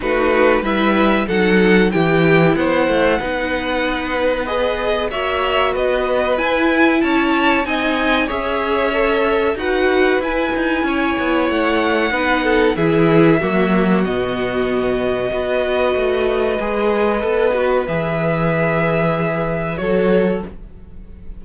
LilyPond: <<
  \new Staff \with { instrumentName = "violin" } { \time 4/4 \tempo 4 = 94 b'4 e''4 fis''4 g''4 | fis''2. dis''4 | e''4 dis''4 gis''4 a''4 | gis''4 e''2 fis''4 |
gis''2 fis''2 | e''2 dis''2~ | dis''1 | e''2. cis''4 | }
  \new Staff \with { instrumentName = "violin" } { \time 4/4 fis'4 b'4 a'4 g'4 | c''4 b'2. | cis''4 b'2 cis''4 | dis''4 cis''2 b'4~ |
b'4 cis''2 b'8 a'8 | gis'4 fis'2. | b'1~ | b'2. a'4 | }
  \new Staff \with { instrumentName = "viola" } { \time 4/4 dis'4 e'4 dis'4 e'4~ | e'4 dis'2 gis'4 | fis'2 e'2 | dis'4 gis'4 a'4 fis'4 |
e'2. dis'4 | e'4 ais4 b2 | fis'2 gis'4 a'8 fis'8 | gis'2. fis'4 | }
  \new Staff \with { instrumentName = "cello" } { \time 4/4 a4 g4 fis4 e4 | b8 a8 b2. | ais4 b4 e'4 cis'4 | c'4 cis'2 dis'4 |
e'8 dis'8 cis'8 b8 a4 b4 | e4 fis4 b,2 | b4 a4 gis4 b4 | e2. fis4 | }
>>